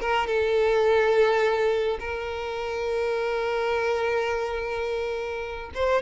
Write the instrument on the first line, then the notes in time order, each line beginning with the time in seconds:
violin
0.00 A#4
0.26 A4
1.99 A#4
5.74 C5